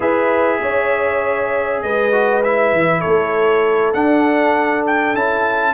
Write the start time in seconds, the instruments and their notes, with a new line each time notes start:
0.00 tuba E4, trombone G#4, horn B4, trumpet E5
0.61 tuba C#4, horn C#5
1.82 tuba G#3, horn B4, trumpet D#5
2.11 trombone F#4
2.43 trombone E4, trumpet E5
2.72 tuba E3
3.00 tuba A3, horn A4, trumpet C#5
3.93 tuba D4, trombone D4, trumpet F#5
4.86 trumpet G5
5.14 tuba C#4, trombone E4, trumpet A5